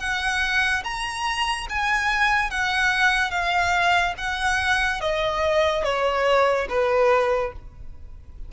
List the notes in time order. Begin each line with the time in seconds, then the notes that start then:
0.00 F#5
0.84 A#5
1.70 G#5
2.51 F#5
3.31 F5
4.18 F#5
5.01 D#5
5.84 C#5
6.70 B4